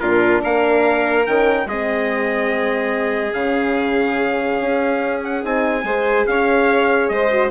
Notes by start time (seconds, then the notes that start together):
0.00 A#2 D4 F4 A#4
0.42 A#3 A#4 F5
1.27 D#3 C#4 G5
1.66 G#3 C4 G#4 D#5
3.34 C#3 C#4 F5
4.61 C#4
5.24 F#5
5.42 C4 D#4 G#5
5.84 G#3 G#4 C5
6.27 C#4 C#5 F5
7.09 G#3 C5 D#5
7.31 F#4